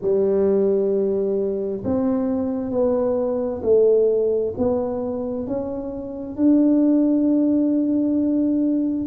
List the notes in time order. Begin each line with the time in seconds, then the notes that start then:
0.01 G3
1.84 C4
2.70 B3
3.62 A3
4.57 B3
5.46 C#4
6.36 D4